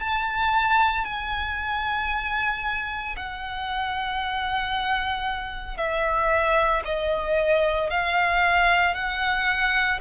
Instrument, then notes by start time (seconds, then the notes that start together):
violin
0.00 A5
1.05 G#5
3.16 F#5
5.77 E5
6.85 D#5
7.90 F5
8.95 F#5